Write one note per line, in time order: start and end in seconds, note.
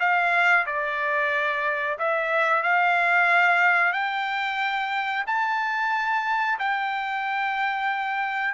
0.00 0.66 F5
0.67 1.98 D5
1.99 2.63 E5
2.63 3.93 F5
3.93 5.25 G5
5.27 6.59 A5
6.59 8.54 G5